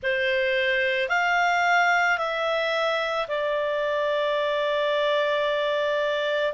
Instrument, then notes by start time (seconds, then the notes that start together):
clarinet
0.02 C5
1.09 F5
2.18 E5
3.27 D5